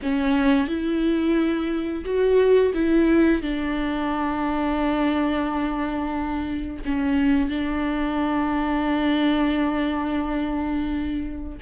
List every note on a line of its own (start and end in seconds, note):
0.02 0.68 C#4
0.68 2.04 E4
2.05 2.73 F#4
2.74 3.42 E4
3.42 6.83 D4
6.85 7.49 C#4
7.49 11.58 D4